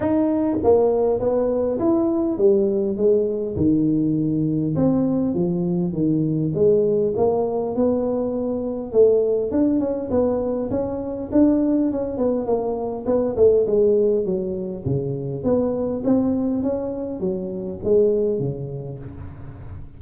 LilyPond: \new Staff \with { instrumentName = "tuba" } { \time 4/4 \tempo 4 = 101 dis'4 ais4 b4 e'4 | g4 gis4 dis2 | c'4 f4 dis4 gis4 | ais4 b2 a4 |
d'8 cis'8 b4 cis'4 d'4 | cis'8 b8 ais4 b8 a8 gis4 | fis4 cis4 b4 c'4 | cis'4 fis4 gis4 cis4 | }